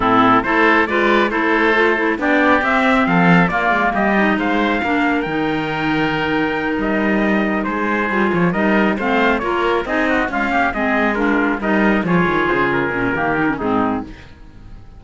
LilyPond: <<
  \new Staff \with { instrumentName = "trumpet" } { \time 4/4 \tempo 4 = 137 a'4 c''4 d''4 c''4~ | c''4 d''4 e''4 f''4 | d''4 dis''4 f''2 | g''2.~ g''8 dis''8~ |
dis''4. c''4. cis''8 dis''8~ | dis''8 f''4 cis''4 dis''4 f''8~ | f''8 dis''4 ais'4 dis''4 cis''8~ | cis''8 c''8 ais'2 gis'4 | }
  \new Staff \with { instrumentName = "oboe" } { \time 4/4 e'4 a'4 b'4 a'4~ | a'4 g'2 a'4 | f'4 g'4 c''4 ais'4~ | ais'1~ |
ais'4. gis'2 ais'8~ | ais'8 c''4 ais'4 gis'8 fis'8 f'8 | g'8 gis'4 f'4 ais'4 gis'8~ | gis'2 g'4 dis'4 | }
  \new Staff \with { instrumentName = "clarinet" } { \time 4/4 c'4 e'4 f'4 e'4 | f'8 e'8 d'4 c'2 | ais4. dis'4. d'4 | dis'1~ |
dis'2~ dis'8 f'4 dis'8~ | dis'8 c'4 f'4 dis'4 gis8 | ais8 c'4 d'4 dis'4 f'8~ | f'4. cis'8 ais8 dis'16 cis'16 c'4 | }
  \new Staff \with { instrumentName = "cello" } { \time 4/4 a,4 a4 gis4 a4~ | a4 b4 c'4 f4 | ais8 gis8 g4 gis4 ais4 | dis2.~ dis8 g8~ |
g4. gis4 g8 f8 g8~ | g8 a4 ais4 c'4 cis'8~ | cis'8 gis2 g4 f8 | dis8 cis4 ais,8 dis4 gis,4 | }
>>